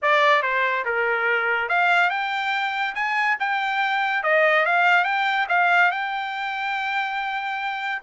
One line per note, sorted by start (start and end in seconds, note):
0.02 0.42 D5
0.42 0.84 C5
0.85 1.68 A#4
1.68 2.10 F5
2.10 2.94 G5
2.94 3.37 G#5
3.39 4.23 G5
4.23 4.65 D#5
4.65 5.04 F5
5.04 5.46 G5
5.49 5.91 F5
5.91 8.02 G5